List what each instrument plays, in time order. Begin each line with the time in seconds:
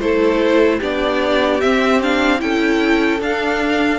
0.00 cello A3, viola E4, violin A4 C5
0.79 cello B3, viola D4, violin G4 D5
1.61 viola C4, cello C4, violin E5
2.03 viola D4, violin F5
2.39 cello C#4, viola E4, violin A4 G5
3.20 cello D4, viola D4, violin F5